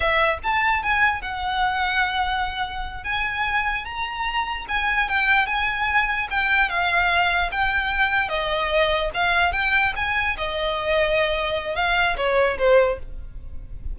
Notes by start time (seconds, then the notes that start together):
0.00 E5
0.43 A5
0.82 G#5
1.21 F#5
3.04 G#5
3.84 A#5
4.68 G#5
5.08 G5
5.46 G#5
6.30 G5
6.69 F5
7.51 G5
8.28 D#5
9.14 F5
9.52 G5
9.96 G#5
10.37 D#5
11.75 F5
12.16 C#5
12.58 C5